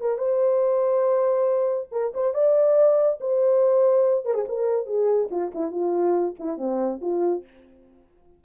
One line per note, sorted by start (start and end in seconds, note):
0.00 0.18 A#4
0.18 1.88 C5
1.92 2.13 A#4
2.14 2.34 C5
2.34 3.19 D5
3.20 4.25 C5
4.25 4.34 A#4
4.34 4.44 G#4
4.48 4.86 A#4
4.86 5.29 G#4
5.31 5.52 F4
5.54 5.71 E4
5.71 6.35 F4
6.39 6.58 E4
6.58 7.00 C4
7.01 7.44 F4